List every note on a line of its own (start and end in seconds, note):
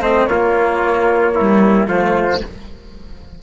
0.00 0.27 A3
0.00 0.29 C4
0.00 0.29 C5
0.00 0.26 D#5
0.26 1.88 A#3
0.26 1.35 F4
0.26 1.87 C#5
0.32 1.40 A#3
1.35 1.87 G3
1.35 1.89 E4
1.87 2.42 F3
1.87 2.41 A3
1.87 2.42 F4
1.87 2.43 C5